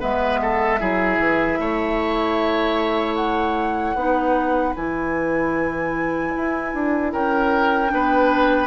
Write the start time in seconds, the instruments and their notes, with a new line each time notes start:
0.00 bassoon G#3, clarinet B3, oboe B4, flute E5
0.42 oboe A4
0.80 bassoon F#3, clarinet E4, oboe G#4
1.19 bassoon E3
1.59 bassoon A3, oboe C#5
3.16 flute F#5
3.95 bassoon B3, clarinet D#4, oboe B4
4.75 bassoon E3, clarinet E4, flute G#5
6.37 bassoon E4
6.75 bassoon D4
7.12 bassoon C#4, oboe A#4, flute G5
7.88 bassoon B3, clarinet D4, oboe B4